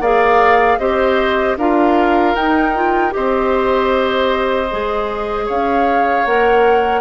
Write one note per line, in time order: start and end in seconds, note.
0.00 0.78 A#3
0.00 0.80 G#4
0.00 0.79 D5
0.00 0.79 F5
0.79 1.57 C4
0.79 1.58 G4
0.79 1.57 C5
0.79 1.57 D#5
1.57 2.35 D4
1.57 2.37 F4
1.57 3.14 A#4
1.57 2.36 F5
2.35 3.13 D#4
2.35 2.75 D#4
2.35 3.14 G5
2.75 3.11 F4
3.11 4.72 C4
3.11 4.67 G4
3.11 5.46 C5
3.11 5.48 D#5
4.71 5.49 G#3
4.71 6.26 G#4
5.46 6.25 C#4
5.46 7.01 C#5
5.46 6.26 F5
6.25 7.01 A#3
6.25 7.01 A#4
6.25 7.01 F#5